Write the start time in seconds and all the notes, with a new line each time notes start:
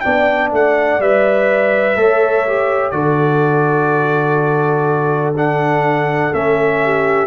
0.00 B3 D4 D5 G5
0.51 A3 F#5
0.99 G3 B4 E5
1.95 A3 A4 C#5
2.47 G4
2.91 D3 F#4 A4 D5
5.36 D4 F#5
6.33 A3 C#4 E5
6.84 G4